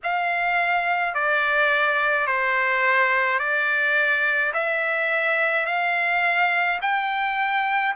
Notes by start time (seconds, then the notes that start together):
0.03 F5
1.14 D5
2.26 C5
3.39 D5
4.53 E5
5.66 F5
6.81 G5